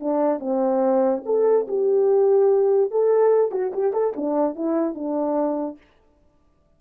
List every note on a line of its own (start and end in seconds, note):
0.00 0.40 D4
0.40 1.22 C4
1.26 1.67 A4
1.68 2.91 G4
2.91 3.52 A4
3.52 3.72 F#4
3.74 3.93 G4
3.93 4.14 A4
4.17 4.56 D4
4.56 4.95 E4
4.95 5.78 D4